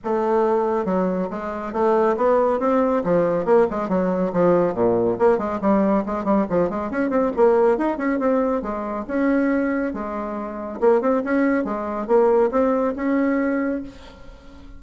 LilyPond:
\new Staff \with { instrumentName = "bassoon" } { \time 4/4 \tempo 4 = 139 a2 fis4 gis4 | a4 b4 c'4 f4 | ais8 gis8 fis4 f4 ais,4 | ais8 gis8 g4 gis8 g8 f8 gis8 |
cis'8 c'8 ais4 dis'8 cis'8 c'4 | gis4 cis'2 gis4~ | gis4 ais8 c'8 cis'4 gis4 | ais4 c'4 cis'2 | }